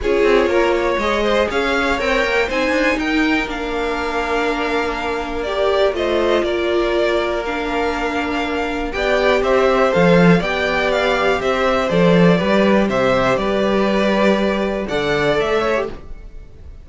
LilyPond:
<<
  \new Staff \with { instrumentName = "violin" } { \time 4/4 \tempo 4 = 121 cis''2 dis''4 f''4 | g''4 gis''4 g''4 f''4~ | f''2. d''4 | dis''4 d''2 f''4~ |
f''2 g''4 e''4 | f''4 g''4 f''4 e''4 | d''2 e''4 d''4~ | d''2 fis''4 e''4 | }
  \new Staff \with { instrumentName = "violin" } { \time 4/4 gis'4 ais'8 cis''4 c''8 cis''4~ | cis''4 c''4 ais'2~ | ais'1 | c''4 ais'2.~ |
ais'2 d''4 c''4~ | c''4 d''2 c''4~ | c''4 b'4 c''4 b'4~ | b'2 d''4. cis''8 | }
  \new Staff \with { instrumentName = "viola" } { \time 4/4 f'2 gis'2 | ais'4 dis'2 d'4~ | d'2. g'4 | f'2. d'4~ |
d'2 g'2 | a'4 g'2. | a'4 g'2.~ | g'2 a'4.~ a'16 g'16 | }
  \new Staff \with { instrumentName = "cello" } { \time 4/4 cis'8 c'8 ais4 gis4 cis'4 | c'8 ais8 c'8 d'8 dis'4 ais4~ | ais1 | a4 ais2.~ |
ais2 b4 c'4 | f4 b2 c'4 | f4 g4 c4 g4~ | g2 d4 a4 | }
>>